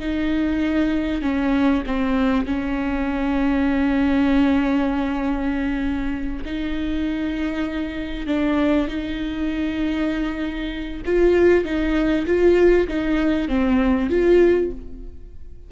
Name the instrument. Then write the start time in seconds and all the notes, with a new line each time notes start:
viola
0.00 D#4
1.22 C#4
1.87 C4
2.46 C#4
6.45 D#4
8.27 D4
8.88 D#4
11.06 F4
11.65 D#4
12.27 F4
12.88 D#4
13.49 C4
14.10 F4